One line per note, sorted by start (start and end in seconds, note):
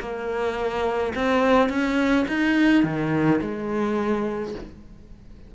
0.00 1.13 A#3
1.15 1.69 C4
1.69 2.25 C#4
2.28 2.84 D#4
2.84 3.40 D#3
3.41 4.54 G#3